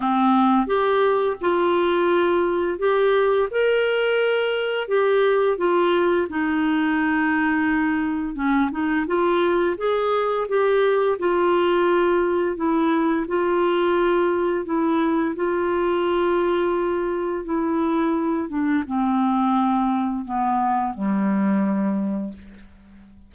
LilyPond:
\new Staff \with { instrumentName = "clarinet" } { \time 4/4 \tempo 4 = 86 c'4 g'4 f'2 | g'4 ais'2 g'4 | f'4 dis'2. | cis'8 dis'8 f'4 gis'4 g'4 |
f'2 e'4 f'4~ | f'4 e'4 f'2~ | f'4 e'4. d'8 c'4~ | c'4 b4 g2 | }